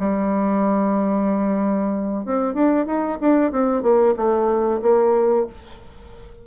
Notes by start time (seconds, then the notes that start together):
0.00 G3
2.26 C4
2.55 D4
2.87 D#4
3.21 D4
3.52 C4
3.83 A#3
4.17 A3
4.82 A#3